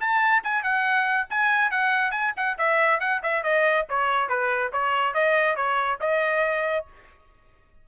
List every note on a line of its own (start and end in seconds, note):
0.00 0.43 A5
0.43 0.63 G#5
0.63 1.27 F#5
1.30 1.71 G#5
1.71 2.11 F#5
2.11 2.33 G#5
2.36 2.58 F#5
2.58 3.00 E5
3.00 3.21 F#5
3.23 3.43 E5
3.43 3.86 D#5
3.89 4.29 C#5
4.29 4.72 B4
4.72 5.14 C#5
5.14 5.56 D#5
5.56 5.99 C#5
6.00 6.86 D#5